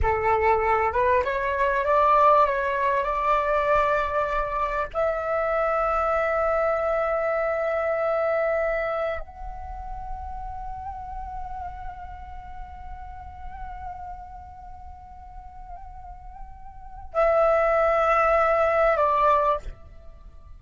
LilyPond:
\new Staff \with { instrumentName = "flute" } { \time 4/4 \tempo 4 = 98 a'4. b'8 cis''4 d''4 | cis''4 d''2. | e''1~ | e''2. fis''4~ |
fis''1~ | fis''1~ | fis''1 | e''2. d''4 | }